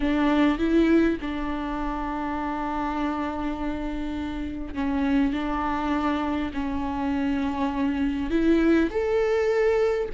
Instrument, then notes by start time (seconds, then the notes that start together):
viola
0.00 D4
0.58 E4
1.21 D4
4.74 C#4
5.32 D4
6.53 C#4
8.30 E4
8.90 A4